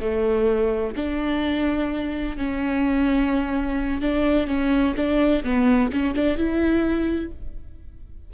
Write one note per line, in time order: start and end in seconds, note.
0.00 0.94 A3
0.96 2.37 D4
2.37 4.02 C#4
4.02 4.47 D4
4.47 4.95 C#4
4.96 5.44 D4
5.44 5.91 B3
5.92 6.15 C#4
6.15 6.37 D4
6.37 7.32 E4